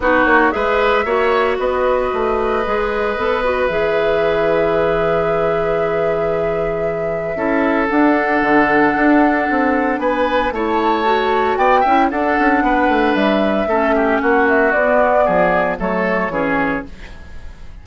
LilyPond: <<
  \new Staff \with { instrumentName = "flute" } { \time 4/4 \tempo 4 = 114 b'8 cis''8 e''2 dis''4~ | dis''2. e''4~ | e''1~ | e''2. fis''4~ |
fis''2. gis''4 | a''2 g''4 fis''4~ | fis''4 e''2 fis''8 e''8 | d''2 cis''2 | }
  \new Staff \with { instrumentName = "oboe" } { \time 4/4 fis'4 b'4 cis''4 b'4~ | b'1~ | b'1~ | b'2 a'2~ |
a'2. b'4 | cis''2 d''8 e''8 a'4 | b'2 a'8 g'8 fis'4~ | fis'4 gis'4 a'4 gis'4 | }
  \new Staff \with { instrumentName = "clarinet" } { \time 4/4 dis'4 gis'4 fis'2~ | fis'4 gis'4 a'8 fis'8 gis'4~ | gis'1~ | gis'2 e'4 d'4~ |
d'1 | e'4 fis'4. e'8 d'4~ | d'2 cis'2 | b2 a4 cis'4 | }
  \new Staff \with { instrumentName = "bassoon" } { \time 4/4 b8 ais8 gis4 ais4 b4 | a4 gis4 b4 e4~ | e1~ | e2 cis'4 d'4 |
d4 d'4 c'4 b4 | a2 b8 cis'8 d'8 cis'8 | b8 a8 g4 a4 ais4 | b4 f4 fis4 e4 | }
>>